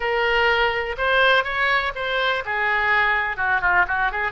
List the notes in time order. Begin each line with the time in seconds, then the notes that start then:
0.00 A#4
0.97 C5
1.44 C#5
1.95 C5
2.45 G#4
3.37 F#4
3.61 F4
3.87 F#4
4.11 G#4